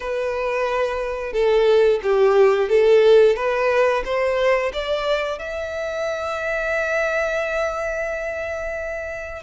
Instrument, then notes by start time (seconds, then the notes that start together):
violin
0.00 B4
1.32 A4
2.02 G4
2.69 A4
3.36 B4
4.04 C5
4.73 D5
5.38 E5